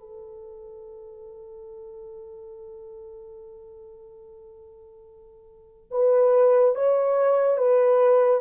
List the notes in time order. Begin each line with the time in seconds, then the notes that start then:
0.00 A4
5.92 B4
6.75 C#5
7.58 B4